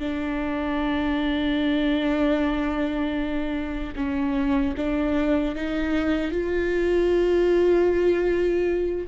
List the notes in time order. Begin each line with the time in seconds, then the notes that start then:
0.00 D4
3.96 C#4
4.77 D4
5.56 D#4
6.32 F4